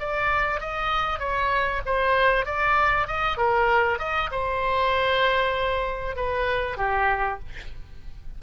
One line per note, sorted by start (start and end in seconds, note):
0.00 0.61 D5
0.61 1.20 D#5
1.20 1.82 C#5
1.86 2.46 C5
2.46 3.08 D5
3.08 3.38 D#5
3.38 4.00 A#4
4.00 4.30 D#5
4.32 6.17 C5
6.17 6.78 B4
6.78 7.40 G4